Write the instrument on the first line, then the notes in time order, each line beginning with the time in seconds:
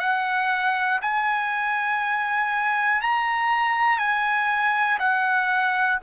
trumpet
0.00 F#5
1.01 G#5
3.02 A#5
3.98 G#5
5.00 F#5